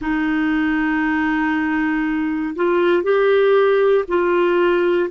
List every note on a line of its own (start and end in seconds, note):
0.00 2.55 D#4
2.55 3.03 F4
3.03 4.04 G4
4.08 5.09 F4